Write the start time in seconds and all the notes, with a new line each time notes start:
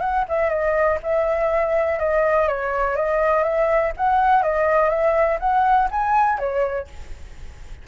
0.00 F#5
0.28 E5
0.49 D#5
1.03 E5
1.99 D#5
2.48 C#5
2.96 D#5
3.43 E5
3.97 F#5
4.43 D#5
4.89 E5
5.40 F#5
5.91 G#5
6.39 C#5